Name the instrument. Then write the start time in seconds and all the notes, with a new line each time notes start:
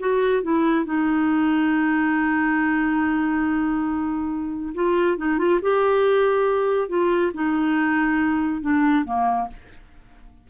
clarinet
0.00 F#4
0.43 E4
0.85 D#4
4.75 F4
5.18 D#4
5.38 F4
5.62 G4
6.89 F4
7.34 D#4
8.62 D4
9.05 A#3